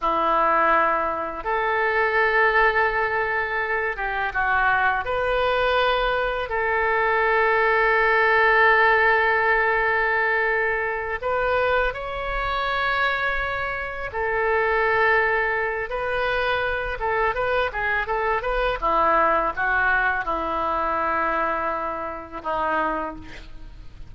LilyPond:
\new Staff \with { instrumentName = "oboe" } { \time 4/4 \tempo 4 = 83 e'2 a'2~ | a'4. g'8 fis'4 b'4~ | b'4 a'2.~ | a'2.~ a'8 b'8~ |
b'8 cis''2. a'8~ | a'2 b'4. a'8 | b'8 gis'8 a'8 b'8 e'4 fis'4 | e'2. dis'4 | }